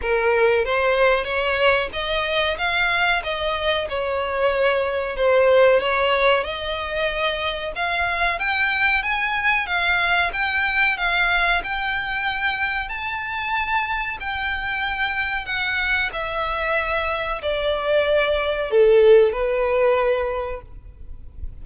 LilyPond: \new Staff \with { instrumentName = "violin" } { \time 4/4 \tempo 4 = 93 ais'4 c''4 cis''4 dis''4 | f''4 dis''4 cis''2 | c''4 cis''4 dis''2 | f''4 g''4 gis''4 f''4 |
g''4 f''4 g''2 | a''2 g''2 | fis''4 e''2 d''4~ | d''4 a'4 b'2 | }